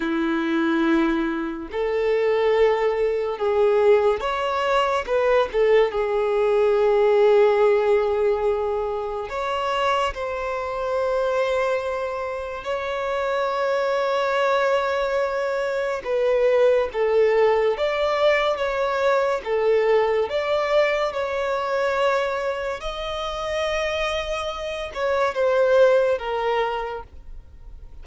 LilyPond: \new Staff \with { instrumentName = "violin" } { \time 4/4 \tempo 4 = 71 e'2 a'2 | gis'4 cis''4 b'8 a'8 gis'4~ | gis'2. cis''4 | c''2. cis''4~ |
cis''2. b'4 | a'4 d''4 cis''4 a'4 | d''4 cis''2 dis''4~ | dis''4. cis''8 c''4 ais'4 | }